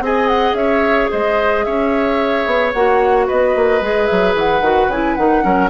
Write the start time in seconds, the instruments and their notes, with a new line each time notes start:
0.00 bassoon C4, clarinet G#4, oboe D#5, flute G#5
0.27 flute F#5
0.53 bassoon C#4, oboe C#5, flute E5
1.11 bassoon G#3, oboe C5, flute D#5
1.64 bassoon C#4, oboe C#5, flute E5
2.46 bassoon B3
2.73 bassoon A#3, clarinet F#4, flute F#5
3.27 bassoon B3, oboe B4, flute D#5
3.55 bassoon A#3
3.81 bassoon G#3, clarinet G#4
4.06 bassoon F#3, flute E5
4.35 bassoon E3, flute F#5
4.61 bassoon D#3, clarinet F#4
4.88 bassoon C#3, clarinet E4, flute G#5
5.15 bassoon D#3, clarinet D#4, flute F#5
5.42 bassoon F#3, clarinet C#4, oboe A#4